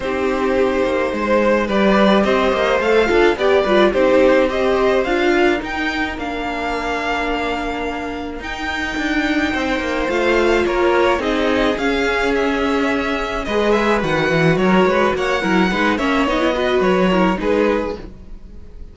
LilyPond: <<
  \new Staff \with { instrumentName = "violin" } { \time 4/4 \tempo 4 = 107 c''2. d''4 | dis''4 f''4 d''4 c''4 | dis''4 f''4 g''4 f''4~ | f''2. g''4~ |
g''2 f''4 cis''4 | dis''4 f''4 e''2 | dis''8 e''8 fis''4 cis''4 fis''4~ | fis''8 e''8 dis''4 cis''4 b'4 | }
  \new Staff \with { instrumentName = "violin" } { \time 4/4 g'2 c''4 b'4 | c''4. a'8 g'8 b'8 g'4 | c''4. ais'2~ ais'8~ | ais'1~ |
ais'4 c''2 ais'4 | gis'1 | b'2 ais'8 b'8 cis''8 ais'8 | b'8 cis''4 b'4 ais'8 gis'4 | }
  \new Staff \with { instrumentName = "viola" } { \time 4/4 dis'2. g'4~ | g'4 a'8 f'8 g'8 f'8 dis'4 | g'4 f'4 dis'4 d'4~ | d'2. dis'4~ |
dis'2 f'2 | dis'4 cis'2. | gis'4 fis'2~ fis'8 e'8 | dis'8 cis'8 dis'16 e'16 fis'4 e'8 dis'4 | }
  \new Staff \with { instrumentName = "cello" } { \time 4/4 c'4. ais8 gis4 g4 | c'8 ais8 a8 d'8 b8 g8 c'4~ | c'4 d'4 dis'4 ais4~ | ais2. dis'4 |
d'4 c'8 ais8 a4 ais4 | c'4 cis'2. | gis4 dis8 e8 fis8 gis8 ais8 fis8 | gis8 ais8 b4 fis4 gis4 | }
>>